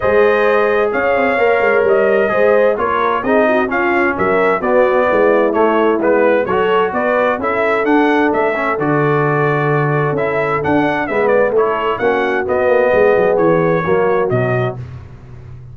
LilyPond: <<
  \new Staff \with { instrumentName = "trumpet" } { \time 4/4 \tempo 4 = 130 dis''2 f''2 | dis''2 cis''4 dis''4 | f''4 e''4 d''2 | cis''4 b'4 cis''4 d''4 |
e''4 fis''4 e''4 d''4~ | d''2 e''4 fis''4 | e''8 d''8 cis''4 fis''4 dis''4~ | dis''4 cis''2 dis''4 | }
  \new Staff \with { instrumentName = "horn" } { \time 4/4 c''2 cis''2~ | cis''4 c''4 ais'4 gis'8 fis'8 | f'4 ais'4 fis'4 e'4~ | e'2 a'4 b'4 |
a'1~ | a'1 | b'4 a'4 fis'2 | gis'2 fis'2 | }
  \new Staff \with { instrumentName = "trombone" } { \time 4/4 gis'2. ais'4~ | ais'4 gis'4 f'4 dis'4 | cis'2 b2 | a4 b4 fis'2 |
e'4 d'4. cis'8 fis'4~ | fis'2 e'4 d'4 | b4 e'4 cis'4 b4~ | b2 ais4 fis4 | }
  \new Staff \with { instrumentName = "tuba" } { \time 4/4 gis2 cis'8 c'8 ais8 gis8 | g4 gis4 ais4 c'4 | cis'4 fis4 b4 gis4 | a4 gis4 fis4 b4 |
cis'4 d'4 a4 d4~ | d2 cis'4 d'4 | gis4 a4 ais4 b8 ais8 | gis8 fis8 e4 fis4 b,4 | }
>>